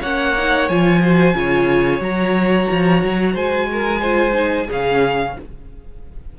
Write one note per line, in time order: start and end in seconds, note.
0.00 0.69 A#3
0.00 0.36 C#4
0.00 1.00 C#5
0.00 0.69 F#5
0.37 0.70 D#4
0.69 1.34 F3
0.69 1.02 F4
0.69 2.02 G#5
1.02 1.34 F#4
1.02 1.35 C5
1.34 2.00 C#3
1.34 2.01 F4
1.34 3.33 C#5
2.00 2.66 F#3
2.00 4.01 F#4
2.00 3.36 A#5
2.70 3.04 F3
3.04 3.35 F#3
3.33 4.68 G#3
3.33 3.67 C5
3.33 4.70 G#5
3.72 4.01 A#4
4.01 4.33 F4
4.01 4.67 C5
4.33 4.66 D#4
4.67 5.36 C#3
4.67 5.37 C#4
4.67 5.34 G#4
4.67 5.39 F5